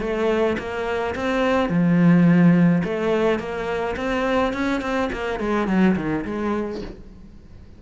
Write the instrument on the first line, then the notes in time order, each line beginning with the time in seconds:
cello
0.00 A3
0.58 A#3
1.15 C4
1.69 F3
2.84 A3
3.39 A#3
3.96 C4
4.53 C#4
4.81 C4
5.12 A#3
5.40 G#3
5.67 F#3
5.96 D#3
6.25 G#3